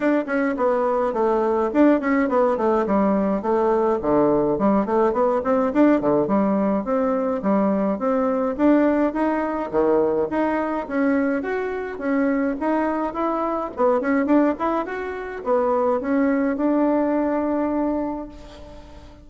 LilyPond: \new Staff \with { instrumentName = "bassoon" } { \time 4/4 \tempo 4 = 105 d'8 cis'8 b4 a4 d'8 cis'8 | b8 a8 g4 a4 d4 | g8 a8 b8 c'8 d'8 d8 g4 | c'4 g4 c'4 d'4 |
dis'4 dis4 dis'4 cis'4 | fis'4 cis'4 dis'4 e'4 | b8 cis'8 d'8 e'8 fis'4 b4 | cis'4 d'2. | }